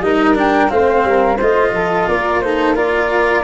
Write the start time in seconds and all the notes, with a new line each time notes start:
0.00 G3 D#4 A#4 D#5
0.35 D4 G5
0.69 A3 C4 C5 F5
1.04 G3 A#4
1.37 A3 F4 C5 D#5
1.72 F3 A4
2.07 A#3 A#4 D5
2.40 D#4 A4 C5
2.75 F4 A#4 D5